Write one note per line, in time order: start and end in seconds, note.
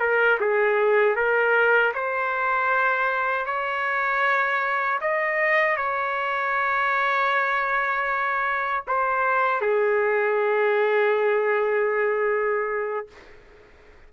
0.00 0.38 A#4
0.40 1.16 G#4
1.16 1.93 A#4
1.94 3.46 C5
3.46 5.00 C#5
5.01 5.77 D#5
5.77 8.84 C#5
8.88 9.61 C5
9.61 13.07 G#4